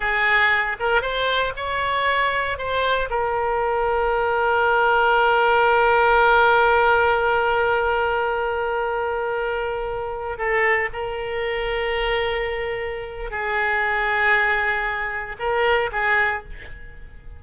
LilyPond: \new Staff \with { instrumentName = "oboe" } { \time 4/4 \tempo 4 = 117 gis'4. ais'8 c''4 cis''4~ | cis''4 c''4 ais'2~ | ais'1~ | ais'1~ |
ais'1~ | ais'16 a'4 ais'2~ ais'8.~ | ais'2 gis'2~ | gis'2 ais'4 gis'4 | }